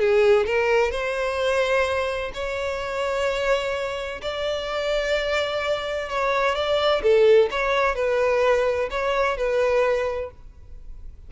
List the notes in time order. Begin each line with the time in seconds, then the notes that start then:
0.00 G#4
0.46 A#4
0.91 C5
2.34 C#5
4.22 D5
6.10 C#5
6.56 D5
7.03 A4
7.51 C#5
7.96 B4
8.91 C#5
9.38 B4